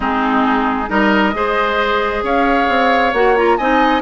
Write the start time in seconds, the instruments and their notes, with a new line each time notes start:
0.00 bassoon G#3, clarinet C4, oboe D#4, flute G#4
0.87 bassoon G3, clarinet D#4, oboe A#4, flute D#5
1.33 bassoon G#3, clarinet G#4, oboe C5
2.23 bassoon C#4, oboe C#5, flute F5
2.68 bassoon C4
3.13 bassoon A#3, clarinet F#4, flute F#5
3.36 clarinet F4, flute A#5
3.57 bassoon C4, clarinet D#4, oboe D#5, flute G#5